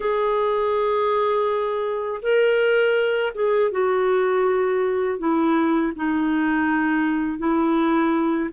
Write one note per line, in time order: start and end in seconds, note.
0.00 2.21 G#4
2.22 3.33 A#4
3.34 3.71 G#4
3.71 5.19 F#4
5.19 5.93 E4
5.95 7.38 D#4
7.38 8.49 E4